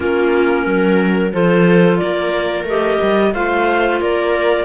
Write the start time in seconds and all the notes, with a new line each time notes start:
0.00 A#3 C#4 F4 A#4
0.66 F#3 A#4
1.32 F3 F4 A4 C5
1.97 A#3 A#4 D5
2.64 A3 G4 D#5
3.02 G3
3.33 A3 F4 C5 F5
4.01 A#3 A#4 D5